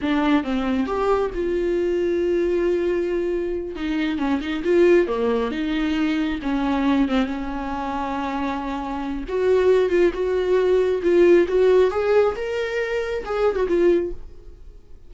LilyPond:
\new Staff \with { instrumentName = "viola" } { \time 4/4 \tempo 4 = 136 d'4 c'4 g'4 f'4~ | f'1~ | f'8 dis'4 cis'8 dis'8 f'4 ais8~ | ais8 dis'2 cis'4. |
c'8 cis'2.~ cis'8~ | cis'4 fis'4. f'8 fis'4~ | fis'4 f'4 fis'4 gis'4 | ais'2 gis'8. fis'16 f'4 | }